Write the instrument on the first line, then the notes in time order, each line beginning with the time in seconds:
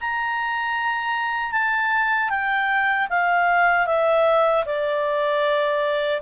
clarinet
0.00 A#5
1.52 A5
2.29 G5
3.09 F5
3.86 E5
4.65 D5